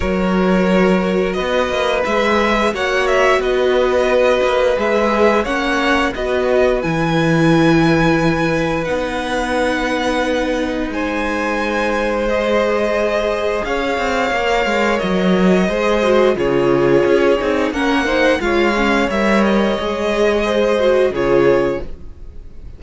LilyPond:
<<
  \new Staff \with { instrumentName = "violin" } { \time 4/4 \tempo 4 = 88 cis''2 dis''4 e''4 | fis''8 e''8 dis''2 e''4 | fis''4 dis''4 gis''2~ | gis''4 fis''2. |
gis''2 dis''2 | f''2 dis''2 | cis''2 fis''4 f''4 | e''8 dis''2~ dis''8 cis''4 | }
  \new Staff \with { instrumentName = "violin" } { \time 4/4 ais'2 b'2 | cis''4 b'2. | cis''4 b'2.~ | b'1 |
c''1 | cis''2. c''4 | gis'2 ais'8 c''8 cis''4~ | cis''2 c''4 gis'4 | }
  \new Staff \with { instrumentName = "viola" } { \time 4/4 fis'2. gis'4 | fis'2. gis'4 | cis'4 fis'4 e'2~ | e'4 dis'2.~ |
dis'2 gis'2~ | gis'4 ais'2 gis'8 fis'8 | f'4. dis'8 cis'8 dis'8 f'8 cis'8 | ais'4 gis'4. fis'8 f'4 | }
  \new Staff \with { instrumentName = "cello" } { \time 4/4 fis2 b8 ais8 gis4 | ais4 b4. ais8 gis4 | ais4 b4 e2~ | e4 b2. |
gis1 | cis'8 c'8 ais8 gis8 fis4 gis4 | cis4 cis'8 c'8 ais4 gis4 | g4 gis2 cis4 | }
>>